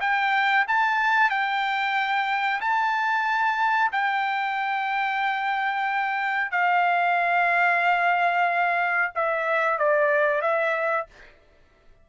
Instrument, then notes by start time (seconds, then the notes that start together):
trumpet
0.00 G5
0.67 A5
1.30 G5
2.61 A5
3.92 G5
6.51 F5
9.15 E5
9.78 D5
10.41 E5